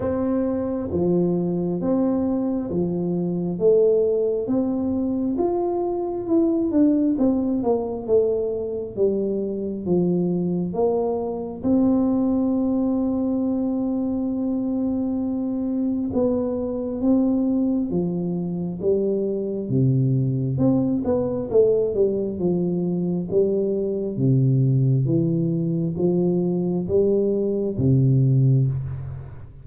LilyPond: \new Staff \with { instrumentName = "tuba" } { \time 4/4 \tempo 4 = 67 c'4 f4 c'4 f4 | a4 c'4 f'4 e'8 d'8 | c'8 ais8 a4 g4 f4 | ais4 c'2.~ |
c'2 b4 c'4 | f4 g4 c4 c'8 b8 | a8 g8 f4 g4 c4 | e4 f4 g4 c4 | }